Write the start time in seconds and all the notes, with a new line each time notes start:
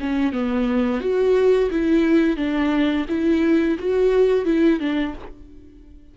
0.00 C#4
0.33 B3
1.00 F#4
1.70 E4
2.36 D4
3.08 E4
3.78 F#4
4.45 E4
4.80 D4